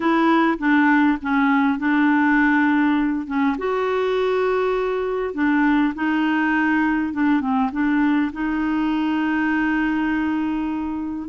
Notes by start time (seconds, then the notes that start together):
0.00 E4
0.58 D4
1.22 C#4
1.78 D4
3.26 C#4
3.58 F#4
5.34 D4
5.94 D#4
7.13 D4
7.40 C4
7.72 D4
8.32 D#4